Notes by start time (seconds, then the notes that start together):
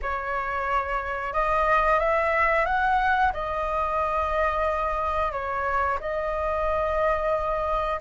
0.02 C#5
1.33 D#5
1.99 E5
2.65 F#5
3.33 D#5
5.32 C#5
6.00 D#5